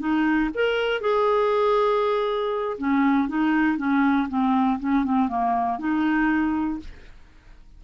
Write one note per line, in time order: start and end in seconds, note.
0.00 0.50 D#4
0.55 1.01 A#4
1.01 2.78 G#4
2.79 3.29 C#4
3.29 3.78 D#4
3.78 4.29 C#4
4.29 4.80 C4
4.80 5.05 C#4
5.05 5.29 C4
5.29 5.79 A#3
5.79 6.80 D#4